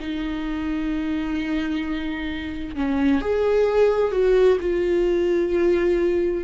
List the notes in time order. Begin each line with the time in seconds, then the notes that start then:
0.00 D#4
2.76 C#4
3.22 G#4
4.12 F#4
4.61 F4